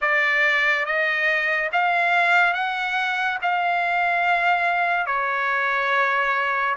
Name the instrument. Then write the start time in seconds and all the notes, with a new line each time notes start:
trumpet
0.01 D5
0.85 D#5
1.72 F5
2.54 F#5
3.41 F5
5.06 C#5